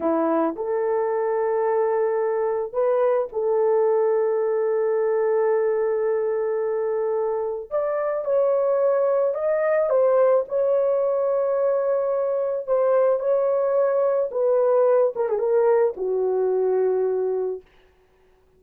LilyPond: \new Staff \with { instrumentName = "horn" } { \time 4/4 \tempo 4 = 109 e'4 a'2.~ | a'4 b'4 a'2~ | a'1~ | a'2 d''4 cis''4~ |
cis''4 dis''4 c''4 cis''4~ | cis''2. c''4 | cis''2 b'4. ais'16 gis'16 | ais'4 fis'2. | }